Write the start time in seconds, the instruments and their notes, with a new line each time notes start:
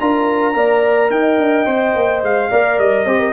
0.00 tuba D4, trombone F4, horn A#4, trumpet A#5
0.54 tuba A#3, trombone A#4, horn D5
1.10 tuba D#4, horn D#5, trumpet G5
1.38 tuba D4
1.66 tuba C4, trombone C5
1.96 tuba A#3
2.23 tuba G#3, trumpet F5
2.50 tuba A#3, trombone A#4, horn D5
2.78 tuba G3, trumpet D#5
3.05 tuba C4, trombone G4, horn C5
3.19 horn A#4